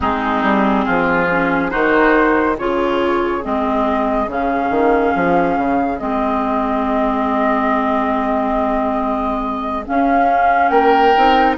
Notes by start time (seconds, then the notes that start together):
0.00 G#3 C4 D#4 G#4
0.42 G3
0.85 F3 F4
1.29 C#4
1.69 D#3 D#4 F#4 C5
2.56 C#3 F4 G#4 C#5
3.42 G#3 C4 D#5
4.27 C#3 C#4 F5
4.70 D#3
5.15 F3
5.57 C#3
5.97 G#3 C4 D#5
9.85 C#4 F5
10.68 A#3 A#4 G5
11.15 C4 D#4